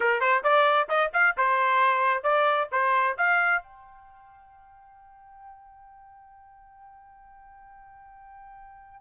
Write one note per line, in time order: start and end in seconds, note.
0.00 0.20 A#4
0.20 0.43 C5
0.43 0.88 D5
0.88 1.11 D#5
1.13 1.36 F5
1.37 2.23 C5
2.23 2.68 D5
2.71 3.16 C5
3.17 3.62 F5
3.62 9.01 G5